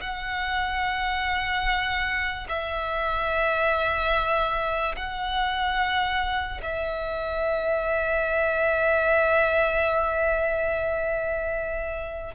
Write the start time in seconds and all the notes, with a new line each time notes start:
0.00 F#5
2.48 E5
4.96 F#5
6.62 E5